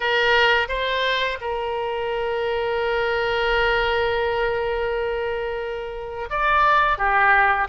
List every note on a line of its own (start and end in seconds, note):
0.00 0.68 A#4
0.68 1.38 C5
1.40 6.29 A#4
6.30 6.98 D5
6.98 7.67 G4